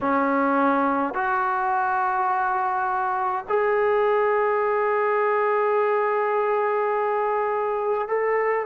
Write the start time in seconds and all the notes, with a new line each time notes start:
0.01 C#4
1.13 F#4
3.48 G#4
8.08 A4